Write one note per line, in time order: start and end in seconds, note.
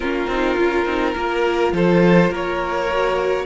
0.00 0.26 A#3
0.00 0.28 C#4
0.00 1.15 F4
0.00 1.72 A#4
0.26 0.55 C4
0.26 0.58 D#4
0.58 0.85 C#4
0.58 0.86 F4
0.85 1.14 C4
0.85 1.14 D#4
1.14 1.72 A#3
1.14 2.87 F4
1.14 1.73 A#4
1.72 2.29 F3
1.72 2.30 A4
1.72 2.33 C5
2.29 3.44 A#3
2.29 3.45 A#4
2.29 3.46 C#5
2.92 3.46 F#4